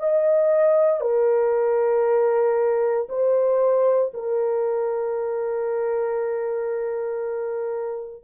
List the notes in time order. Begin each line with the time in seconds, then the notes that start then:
0.00 D#5
1.01 A#4
3.09 C5
4.14 A#4